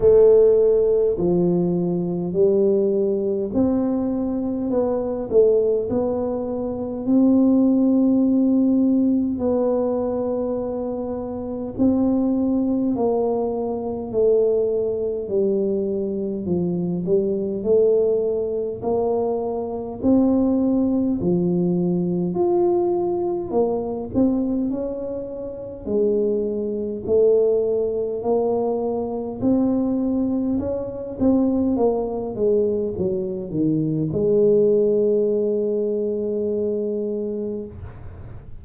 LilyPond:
\new Staff \with { instrumentName = "tuba" } { \time 4/4 \tempo 4 = 51 a4 f4 g4 c'4 | b8 a8 b4 c'2 | b2 c'4 ais4 | a4 g4 f8 g8 a4 |
ais4 c'4 f4 f'4 | ais8 c'8 cis'4 gis4 a4 | ais4 c'4 cis'8 c'8 ais8 gis8 | fis8 dis8 gis2. | }